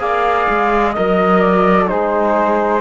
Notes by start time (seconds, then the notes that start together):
0.00 A#3 G#4 D5 F5
0.50 G#3
0.92 A#4 D#5
0.99 F#3
1.41 D5
1.87 G#3 D#4 G#4 C5